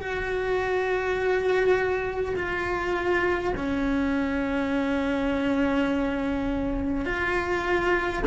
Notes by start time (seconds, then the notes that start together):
0.00 F#4
2.36 F4
3.57 C#4
7.05 F4